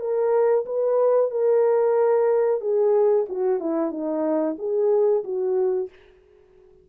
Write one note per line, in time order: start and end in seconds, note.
0.00 0.65 A#4
0.66 1.31 B4
1.31 2.61 A#4
2.61 3.26 G#4
3.28 3.60 F#4
3.60 3.91 E4
3.91 4.56 D#4
4.58 5.24 G#4
5.24 5.89 F#4